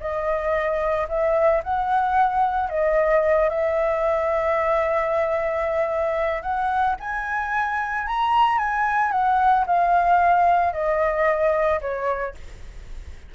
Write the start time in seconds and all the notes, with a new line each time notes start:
0.00 D#5
1.08 E5
1.64 F#5
2.69 D#5
3.49 E5
6.42 F#5
7.00 G#5
8.07 A#5
8.58 G#5
9.11 F#5
9.66 F5
10.73 D#5
11.81 C#5